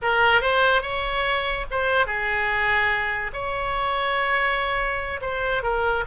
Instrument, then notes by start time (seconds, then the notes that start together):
oboe
0.02 A#4
0.41 C5
0.82 C#5
1.70 C5
2.06 G#4
3.33 C#5
5.21 C5
5.62 A#4